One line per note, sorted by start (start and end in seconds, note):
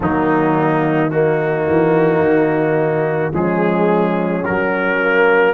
0.00 1.65 D#3
0.00 1.10 F#3
0.00 1.09 A#3
0.00 1.10 D#4
1.09 3.32 A#3
1.09 3.31 D#4
1.09 3.32 F#4
1.68 2.19 E3
2.19 3.30 D#3
3.32 4.44 F3
3.32 4.44 G#3
3.32 5.54 C#4
3.32 4.44 G#4
4.44 5.00 F#3
4.44 5.54 F#3
4.44 5.54 A#4
5.00 5.54 A#3